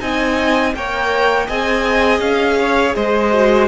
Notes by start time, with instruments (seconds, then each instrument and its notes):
0.00 cello C4, viola D#4, violin D#5 G#5
0.74 cello A#3, viola A#4, violin C#5 G5
1.47 cello C4, viola G#4, violin D#5 G#5
2.20 cello C#4, violin F5
2.60 violin C#5
2.95 cello G#3, violin C5 D#5
3.32 viola F#4